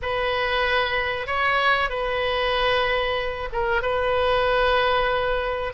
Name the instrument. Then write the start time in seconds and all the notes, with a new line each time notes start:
oboe
0.02 B4
1.26 C#5
1.89 B4
3.52 A#4
3.82 B4